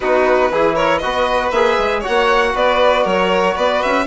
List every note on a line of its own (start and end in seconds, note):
0.00 0.51 B3
0.00 0.52 D#4
0.00 0.51 F#4
0.00 0.75 B4
0.51 1.02 E3
0.51 1.02 E4
0.51 0.75 G#4
0.75 1.00 A#4
0.75 0.98 C#5
0.98 1.51 B3
0.98 1.53 F#4
0.98 2.00 B4
0.98 1.49 D#5
1.51 1.76 A#3
1.51 2.03 G#4
1.51 2.01 E5
1.78 2.03 G#3
2.00 4.06 F#4
2.00 2.51 C#5
2.00 2.56 F#5
2.08 2.54 A#3
2.54 3.05 B3
2.54 3.03 B4
2.54 3.07 D5
3.03 3.56 F#3
3.03 3.54 A#4
3.03 3.56 C#5
3.55 3.82 B3
3.55 4.06 B4
3.55 3.81 D5
3.81 4.06 C#4
3.81 4.06 E5